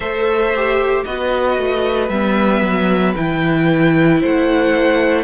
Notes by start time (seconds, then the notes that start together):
0.00 A3 A4 C5 E5
0.55 G4
1.04 B3 F#4 B4 D#5
1.57 A3
2.09 G3 B3 E5
2.61 F#3
3.16 E3 E4 G5
4.20 A3 C5 F#5